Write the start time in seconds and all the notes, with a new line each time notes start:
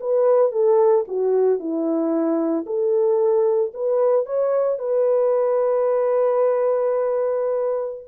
0.00 B4
0.52 A4
1.07 F#4
1.59 E4
2.66 A4
3.74 B4
4.26 C#5
4.78 B4